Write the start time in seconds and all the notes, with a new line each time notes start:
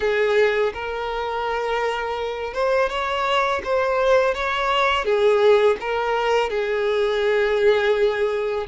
0.00 G#4
0.73 A#4
2.53 C5
2.89 C#5
3.63 C5
4.34 C#5
5.04 G#4
5.80 A#4
6.49 G#4